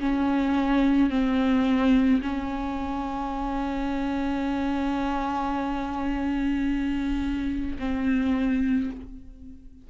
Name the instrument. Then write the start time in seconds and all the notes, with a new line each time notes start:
viola
0.00 C#4
1.11 C4
2.22 C#4
7.79 C4